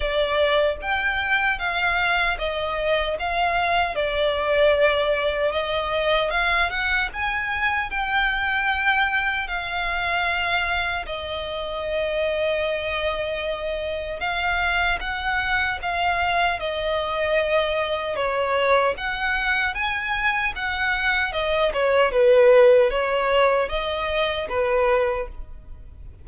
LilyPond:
\new Staff \with { instrumentName = "violin" } { \time 4/4 \tempo 4 = 76 d''4 g''4 f''4 dis''4 | f''4 d''2 dis''4 | f''8 fis''8 gis''4 g''2 | f''2 dis''2~ |
dis''2 f''4 fis''4 | f''4 dis''2 cis''4 | fis''4 gis''4 fis''4 dis''8 cis''8 | b'4 cis''4 dis''4 b'4 | }